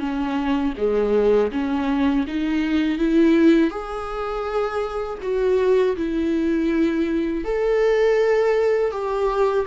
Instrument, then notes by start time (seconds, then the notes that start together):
viola
0.00 C#4
0.77 G#3
1.52 C#4
2.28 D#4
2.99 E4
3.71 G#4
5.22 F#4
5.97 E4
7.45 A4
8.92 G4